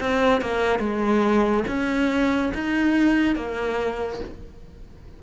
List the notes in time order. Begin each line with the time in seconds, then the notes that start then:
0.00 C4
0.41 A#3
0.79 G#3
1.67 C#4
2.54 D#4
3.35 A#3